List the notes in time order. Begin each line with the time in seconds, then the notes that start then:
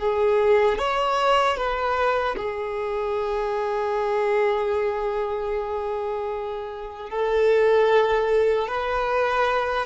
0.00 G#4
0.79 C#5
1.57 B4
2.37 G#4
7.10 A4
8.68 B4